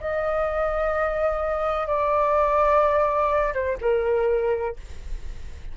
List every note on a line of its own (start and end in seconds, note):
0.00 1.87 D#5
1.87 3.54 D5
3.54 3.77 C5
3.81 4.76 A#4